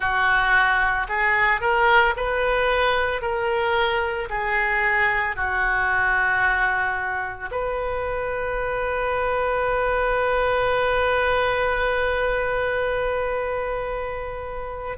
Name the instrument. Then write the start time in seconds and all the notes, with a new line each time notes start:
oboe
0.00 F#4
1.08 G#4
1.60 A#4
2.16 B4
3.21 A#4
4.29 G#4
5.36 F#4
7.50 B4